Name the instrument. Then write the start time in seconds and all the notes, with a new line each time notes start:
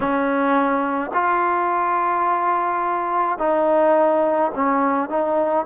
trombone
0.00 C#4
1.13 F4
3.38 D#4
4.54 C#4
5.09 D#4